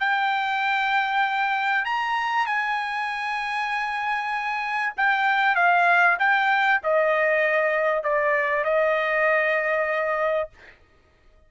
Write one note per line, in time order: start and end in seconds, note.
0.00 1.86 G5
1.86 2.47 A#5
2.47 4.94 G#5
4.98 5.56 G5
5.56 6.18 F5
6.20 6.82 G5
6.84 8.04 D#5
8.04 8.65 D5
8.65 10.50 D#5